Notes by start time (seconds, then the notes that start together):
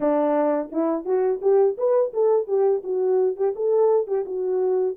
0.00 D4
0.72 E4
1.05 F#4
1.41 G4
1.77 B4
2.13 A4
2.47 G4
2.83 F#4
3.36 G4
3.55 A4
4.07 G4
4.25 F#4